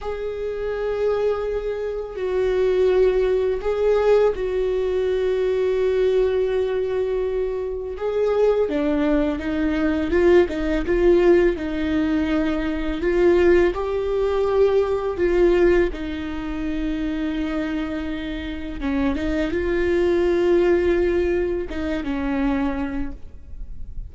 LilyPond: \new Staff \with { instrumentName = "viola" } { \time 4/4 \tempo 4 = 83 gis'2. fis'4~ | fis'4 gis'4 fis'2~ | fis'2. gis'4 | d'4 dis'4 f'8 dis'8 f'4 |
dis'2 f'4 g'4~ | g'4 f'4 dis'2~ | dis'2 cis'8 dis'8 f'4~ | f'2 dis'8 cis'4. | }